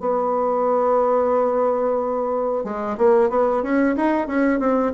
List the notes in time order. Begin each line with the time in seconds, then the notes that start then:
0.00 B3
2.64 G#3
2.97 A#3
3.30 B3
3.63 C#4
3.96 D#4
4.27 C#4
4.59 C4